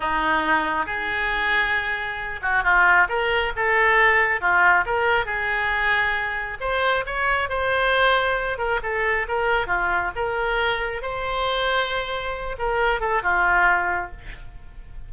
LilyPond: \new Staff \with { instrumentName = "oboe" } { \time 4/4 \tempo 4 = 136 dis'2 gis'2~ | gis'4. fis'8 f'4 ais'4 | a'2 f'4 ais'4 | gis'2. c''4 |
cis''4 c''2~ c''8 ais'8 | a'4 ais'4 f'4 ais'4~ | ais'4 c''2.~ | c''8 ais'4 a'8 f'2 | }